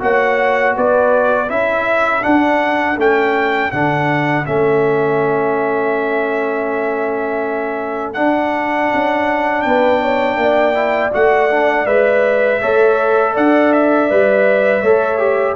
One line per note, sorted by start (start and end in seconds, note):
0.00 0.76 A#3
0.00 1.48 F#4
0.00 0.76 C#5
0.00 0.76 F#5
0.76 1.50 B3
0.76 1.50 B4
0.76 1.50 D5
1.49 2.24 C#4
1.49 2.22 E4
1.49 9.65 A4
1.49 2.24 E5
2.22 2.96 D4
2.22 2.97 D4
2.22 2.98 F#5
2.97 3.71 A3
2.97 3.73 C#4
2.97 3.72 G5
3.72 4.47 D3
3.72 4.46 D4
3.72 4.46 F#5
4.46 8.17 A3
4.46 8.16 C#4
4.46 8.14 E5
8.14 10.75 D4
8.14 8.92 D4
8.14 9.62 F#5
8.94 9.65 C#4
9.62 10.37 B3
9.62 10.02 B4
9.62 11.10 G5
10.02 10.39 C#5
10.37 11.11 A#3
10.37 12.61 D5
10.75 11.12 E4
11.12 11.86 A3
11.12 11.50 F#4
11.12 11.86 F#5
11.51 11.87 D4
11.86 12.60 G#3
11.86 12.61 B4
11.86 13.34 E5
12.61 13.37 A3
12.61 14.10 A4
12.61 13.34 C#5
13.34 14.11 D4
13.34 14.82 D5
13.34 13.73 F#5
13.73 15.56 E5
14.10 14.82 G3
14.10 14.84 B4
14.82 15.56 A3
14.82 15.19 A4
14.82 15.56 C#5
15.19 15.56 G4